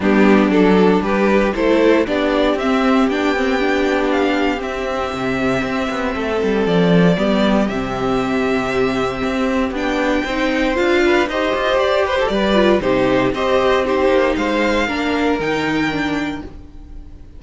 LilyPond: <<
  \new Staff \with { instrumentName = "violin" } { \time 4/4 \tempo 4 = 117 g'4 a'4 b'4 c''4 | d''4 e''4 g''2 | f''4 e''2.~ | e''4 d''2 e''4~ |
e''2. g''4~ | g''4 f''4 dis''4 d''8 c''8 | d''4 c''4 dis''4 c''4 | f''2 g''2 | }
  \new Staff \with { instrumentName = "violin" } { \time 4/4 d'2 g'4 a'4 | g'1~ | g'1 | a'2 g'2~ |
g'1 | c''4. b'8 c''4. b'16 a'16 | b'4 g'4 c''4 g'4 | c''4 ais'2. | }
  \new Staff \with { instrumentName = "viola" } { \time 4/4 b4 d'2 e'4 | d'4 c'4 d'8 c'8 d'4~ | d'4 c'2.~ | c'2 b4 c'4~ |
c'2. d'4 | dis'4 f'4 g'2~ | g'8 f'8 dis'4 g'4 dis'4~ | dis'4 d'4 dis'4 d'4 | }
  \new Staff \with { instrumentName = "cello" } { \time 4/4 g4 fis4 g4 a4 | b4 c'4 b2~ | b4 c'4 c4 c'8 b8 | a8 g8 f4 g4 c4~ |
c2 c'4 b4 | c'4 d'4 dis'8 f'8 g'4 | g4 c4 c'4. ais8 | gis4 ais4 dis2 | }
>>